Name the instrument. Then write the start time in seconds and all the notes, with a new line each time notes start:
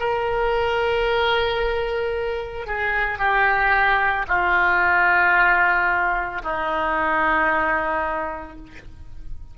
oboe
0.00 A#4
2.67 G#4
3.19 G4
4.28 F4
6.43 D#4